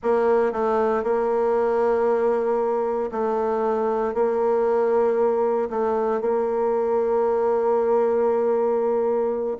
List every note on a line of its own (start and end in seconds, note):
0.03 0.52 A#3
0.52 1.03 A3
1.03 3.10 A#3
3.11 4.14 A3
4.14 5.69 A#3
5.70 6.21 A3
6.21 9.57 A#3